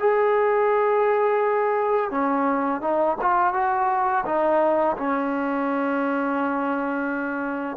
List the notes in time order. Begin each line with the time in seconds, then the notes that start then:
0.00 G#4
2.11 C#4
2.82 D#4
3.21 F4
3.54 F#4
4.26 D#4
4.98 C#4